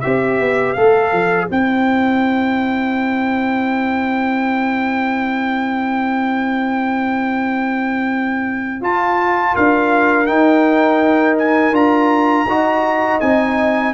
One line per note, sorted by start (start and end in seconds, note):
0.00 0.39 C4
0.00 0.76 G4
0.00 9.54 C5
0.00 0.73 E5
0.39 0.76 B3
0.73 1.12 A3
0.73 1.49 A4
0.73 1.46 F5
1.12 1.48 F3
1.49 8.81 C4
1.49 8.80 E4
1.49 8.83 G5
8.81 9.54 F4
8.81 10.26 F4
8.81 9.55 A5
9.54 10.29 D4
9.54 12.47 A#4
9.54 10.26 F5
10.26 11.73 D#4
10.26 11.71 D#4
10.26 11.36 G5
11.38 11.75 G#5
11.71 12.45 D4
11.71 12.46 F4
11.71 13.20 A#5
12.45 13.18 D#4
12.45 13.21 F#4
12.45 13.93 D#5
13.20 13.93 C4
13.20 13.93 D#4
13.20 13.93 G#5